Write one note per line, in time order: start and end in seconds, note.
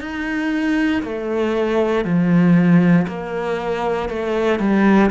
0.00 1.02 D#4
1.03 2.04 A3
2.04 3.06 F3
3.07 4.09 A#3
4.09 4.59 A3
4.59 5.10 G3